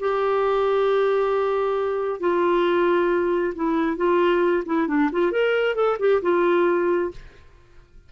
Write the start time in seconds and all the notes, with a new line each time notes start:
0.00 G4
2.21 F4
3.56 E4
3.97 F4
4.66 E4
4.88 D4
5.13 F4
5.32 A#4
5.76 A4
6.00 G4
6.23 F4